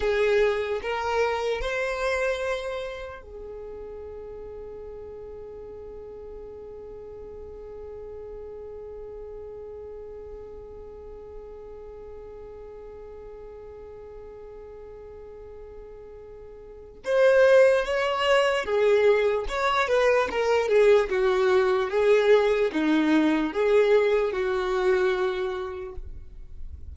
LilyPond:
\new Staff \with { instrumentName = "violin" } { \time 4/4 \tempo 4 = 74 gis'4 ais'4 c''2 | gis'1~ | gis'1~ | gis'1~ |
gis'1~ | gis'4 c''4 cis''4 gis'4 | cis''8 b'8 ais'8 gis'8 fis'4 gis'4 | dis'4 gis'4 fis'2 | }